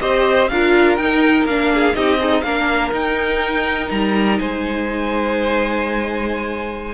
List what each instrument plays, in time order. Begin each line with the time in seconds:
0.00 cello C4, viola G4, violin C5 D#5
0.48 cello D4, viola F4, violin A#4 F5
0.96 cello D#4, viola D#4, violin G5
1.44 cello A#3, viola D4, violin F5
1.74 violin G#4
1.93 cello C4, viola D#4, violin G4 D#5
2.19 violin D#4, viola G#4
2.42 cello A#3, viola D4, violin A#4 F5
2.92 cello D#4, viola D#4, violin G5
3.90 cello G3, violin A#5
4.39 cello G#3, violin C5 G#5